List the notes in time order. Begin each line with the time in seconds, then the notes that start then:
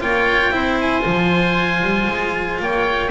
0.00 A#3 F4 C#5 G5
0.51 C4 E4 C5
0.81 G#5
1.02 F3 F4
1.82 G3
2.08 G#3
2.60 A#3 C#5 G5